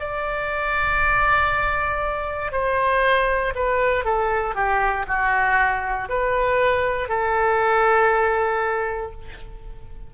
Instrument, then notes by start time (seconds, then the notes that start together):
oboe
0.00 D5
2.52 C5
3.55 B4
4.05 A4
4.55 G4
5.08 F#4
6.09 B4
7.09 A4